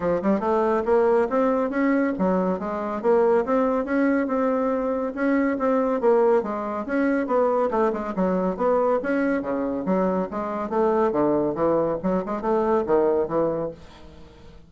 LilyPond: \new Staff \with { instrumentName = "bassoon" } { \time 4/4 \tempo 4 = 140 f8 g8 a4 ais4 c'4 | cis'4 fis4 gis4 ais4 | c'4 cis'4 c'2 | cis'4 c'4 ais4 gis4 |
cis'4 b4 a8 gis8 fis4 | b4 cis'4 cis4 fis4 | gis4 a4 d4 e4 | fis8 gis8 a4 dis4 e4 | }